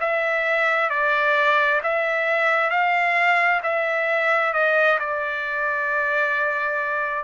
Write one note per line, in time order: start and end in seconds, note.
0.00 0.90 E5
0.90 1.81 D5
1.83 2.70 E5
2.70 3.61 F5
3.63 4.53 E5
4.53 4.98 D#5
4.99 7.24 D5